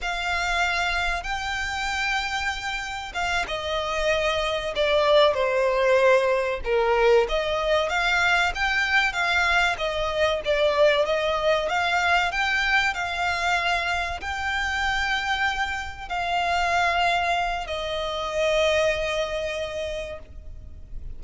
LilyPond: \new Staff \with { instrumentName = "violin" } { \time 4/4 \tempo 4 = 95 f''2 g''2~ | g''4 f''8 dis''2 d''8~ | d''8 c''2 ais'4 dis''8~ | dis''8 f''4 g''4 f''4 dis''8~ |
dis''8 d''4 dis''4 f''4 g''8~ | g''8 f''2 g''4.~ | g''4. f''2~ f''8 | dis''1 | }